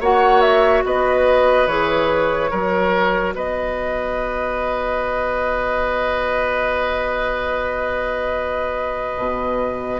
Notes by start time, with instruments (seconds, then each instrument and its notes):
0.00 bassoon A#3, clarinet F#4, oboe C#5, flute F#5
0.41 flute E5
0.85 bassoon B3, oboe B4, flute D#5
1.67 bassoon E3, clarinet G#4, flute C#5
2.50 bassoon F#3, clarinet F#4, oboe A#4
3.34 bassoon B3, oboe B4, flute D#5
9.17 bassoon B2